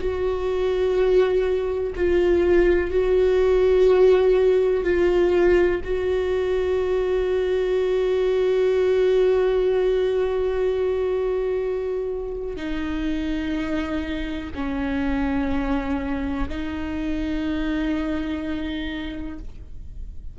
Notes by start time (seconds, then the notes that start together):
0.00 F#4
1.96 F4
2.91 F#4
4.85 F4
5.85 F#4
12.57 D#4
14.55 C#4
16.49 D#4